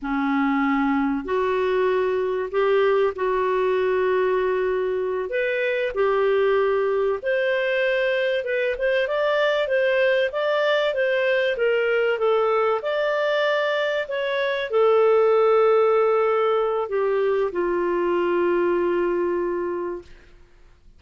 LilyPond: \new Staff \with { instrumentName = "clarinet" } { \time 4/4 \tempo 4 = 96 cis'2 fis'2 | g'4 fis'2.~ | fis'8 b'4 g'2 c''8~ | c''4. b'8 c''8 d''4 c''8~ |
c''8 d''4 c''4 ais'4 a'8~ | a'8 d''2 cis''4 a'8~ | a'2. g'4 | f'1 | }